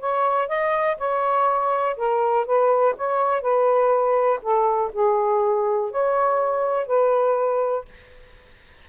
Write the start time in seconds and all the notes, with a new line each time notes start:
0.00 C#5
0.49 D#5
0.98 C#5
1.97 A#4
2.46 B4
2.98 C#5
3.42 B4
4.43 A4
4.93 G#4
5.92 C#5
6.87 B4